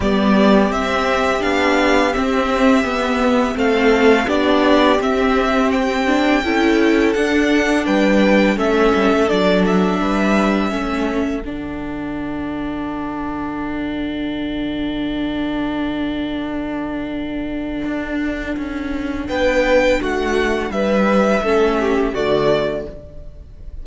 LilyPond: <<
  \new Staff \with { instrumentName = "violin" } { \time 4/4 \tempo 4 = 84 d''4 e''4 f''4 e''4~ | e''4 f''4 d''4 e''4 | g''2 fis''4 g''4 | e''4 d''8 e''2~ e''8 |
fis''1~ | fis''1~ | fis''2. g''4 | fis''4 e''2 d''4 | }
  \new Staff \with { instrumentName = "violin" } { \time 4/4 g'1~ | g'4 a'4 g'2~ | g'4 a'2 b'4 | a'2 b'4 a'4~ |
a'1~ | a'1~ | a'2. b'4 | fis'4 b'4 a'8 g'8 fis'4 | }
  \new Staff \with { instrumentName = "viola" } { \time 4/4 b4 c'4 d'4 c'4 | b4 c'4 d'4 c'4~ | c'8 d'8 e'4 d'2 | cis'4 d'2 cis'4 |
d'1~ | d'1~ | d'1~ | d'2 cis'4 a4 | }
  \new Staff \with { instrumentName = "cello" } { \time 4/4 g4 c'4 b4 c'4 | b4 a4 b4 c'4~ | c'4 cis'4 d'4 g4 | a8 g16 a16 fis4 g4 a4 |
d1~ | d1~ | d4 d'4 cis'4 b4 | a4 g4 a4 d4 | }
>>